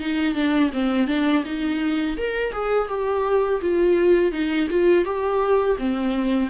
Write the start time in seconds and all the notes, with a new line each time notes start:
0.00 D#4
0.35 D4
0.73 C4
1.08 D4
1.45 D#4
2.18 A#4
2.53 G#4
2.89 G4
3.62 F4
4.32 D#4
4.71 F4
5.05 G4
5.79 C4